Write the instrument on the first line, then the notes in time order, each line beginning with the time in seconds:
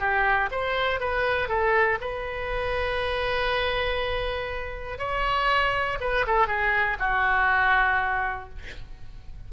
oboe
0.00 G4
0.51 C5
1.00 B4
1.48 A4
2.01 B4
4.99 C#5
6.01 B4
6.27 A4
6.47 G#4
6.99 F#4